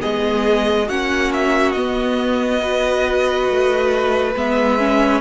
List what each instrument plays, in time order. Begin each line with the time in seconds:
0.00 cello G#3, viola B3, violin G#4 D#5
0.87 cello A#3, viola C#4, violin F#4 F#5
1.32 violin E5
1.72 cello B3, viola B3, violin D#5
2.61 viola F#4, violin B4
3.50 cello A3
4.35 cello G#3, viola B3, violin E5
4.78 viola C#4